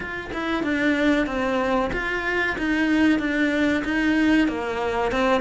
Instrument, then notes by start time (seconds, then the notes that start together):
cello
0.00 F4
0.33 E4
0.63 D4
1.26 C4
1.92 F4
2.58 D#4
3.19 D4
3.84 D#4
4.48 A#3
5.11 C4